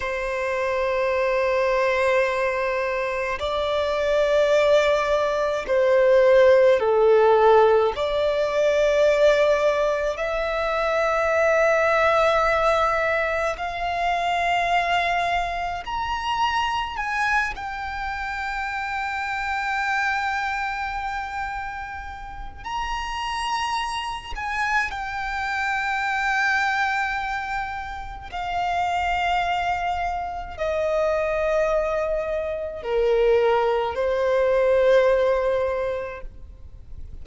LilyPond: \new Staff \with { instrumentName = "violin" } { \time 4/4 \tempo 4 = 53 c''2. d''4~ | d''4 c''4 a'4 d''4~ | d''4 e''2. | f''2 ais''4 gis''8 g''8~ |
g''1 | ais''4. gis''8 g''2~ | g''4 f''2 dis''4~ | dis''4 ais'4 c''2 | }